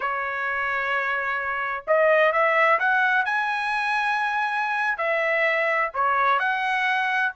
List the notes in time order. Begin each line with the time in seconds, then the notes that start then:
0.00 C#5
1.87 D#5
2.32 E5
2.79 F#5
3.25 G#5
4.97 E5
5.94 C#5
6.39 F#5